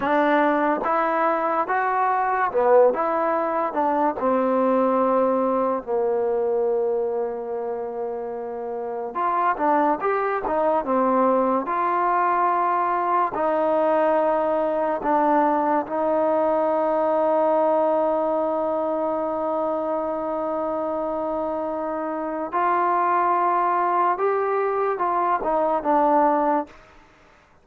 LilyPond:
\new Staff \with { instrumentName = "trombone" } { \time 4/4 \tempo 4 = 72 d'4 e'4 fis'4 b8 e'8~ | e'8 d'8 c'2 ais4~ | ais2. f'8 d'8 | g'8 dis'8 c'4 f'2 |
dis'2 d'4 dis'4~ | dis'1~ | dis'2. f'4~ | f'4 g'4 f'8 dis'8 d'4 | }